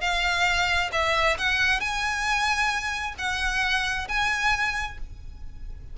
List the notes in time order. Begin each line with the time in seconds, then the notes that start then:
0.00 F5
0.92 E5
1.38 F#5
1.80 G#5
3.18 F#5
4.08 G#5